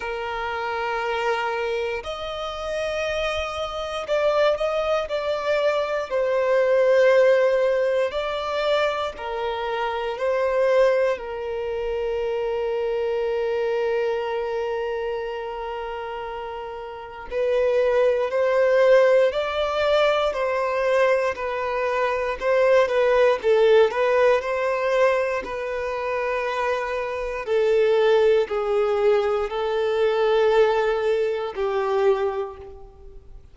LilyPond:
\new Staff \with { instrumentName = "violin" } { \time 4/4 \tempo 4 = 59 ais'2 dis''2 | d''8 dis''8 d''4 c''2 | d''4 ais'4 c''4 ais'4~ | ais'1~ |
ais'4 b'4 c''4 d''4 | c''4 b'4 c''8 b'8 a'8 b'8 | c''4 b'2 a'4 | gis'4 a'2 g'4 | }